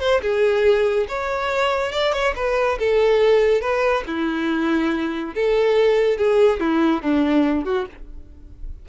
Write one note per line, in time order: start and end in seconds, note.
0.00 0.21 C5
0.22 1.07 G#4
1.08 1.92 C#5
1.92 2.13 D5
2.13 2.34 C#5
2.36 2.78 B4
2.79 3.61 A4
3.61 4.04 B4
4.07 5.34 E4
5.35 6.18 A4
6.18 6.60 G#4
6.60 7.02 E4
7.02 7.65 D4
7.65 7.86 F#4